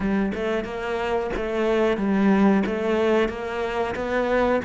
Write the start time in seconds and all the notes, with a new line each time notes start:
0.00 G3
0.34 A3
0.64 A#3
1.36 A3
1.97 G3
2.66 A3
3.28 A#3
3.95 B3